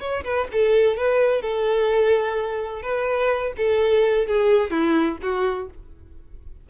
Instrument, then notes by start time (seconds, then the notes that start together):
violin
0.00 C#5
0.24 B4
0.52 A4
0.97 B4
1.41 A4
2.82 B4
3.57 A4
4.27 G#4
4.70 E4
5.22 F#4